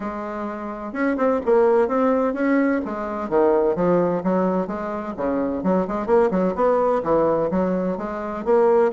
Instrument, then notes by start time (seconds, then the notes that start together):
bassoon
0.00 G#3
0.93 C#4
1.17 C4
1.45 A#3
1.87 C4
2.33 C#4
2.85 G#3
3.29 D#3
3.75 F3
4.23 F#3
4.67 G#3
5.16 C#3
5.63 F#3
5.87 G#3
6.06 A#3
6.30 F#3
6.55 B3
7.03 E3
7.50 F#3
7.97 G#3
8.44 A#3